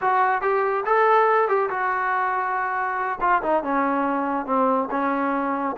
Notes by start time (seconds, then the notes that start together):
0.01 F#4
0.41 G4
0.85 A4
1.48 G4
1.69 F#4
3.20 F4
3.42 D#4
3.63 C#4
4.46 C4
4.91 C#4